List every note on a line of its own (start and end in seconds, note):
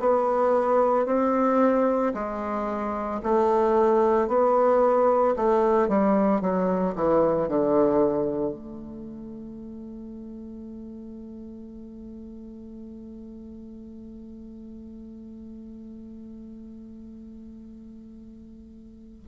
0.00 1.06 B3
1.06 2.13 C4
2.14 3.21 G#3
3.23 4.28 A3
4.28 5.35 B3
5.37 5.89 A3
5.89 6.41 G3
6.41 6.95 F#3
6.96 7.49 E3
7.49 8.53 D3
8.53 19.25 A3